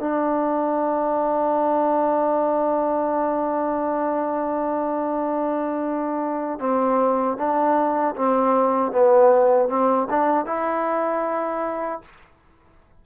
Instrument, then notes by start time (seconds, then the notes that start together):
trombone
0.00 D4
6.60 C4
7.37 D4
8.16 C4
8.92 B3
9.69 C4
10.10 D4
10.46 E4